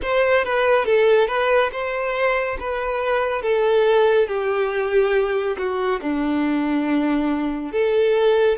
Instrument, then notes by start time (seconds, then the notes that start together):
violin
0.02 C5
0.44 B4
0.85 A4
1.27 B4
1.71 C5
2.59 B4
3.42 A4
4.27 G4
5.57 F#4
6.01 D4
7.72 A4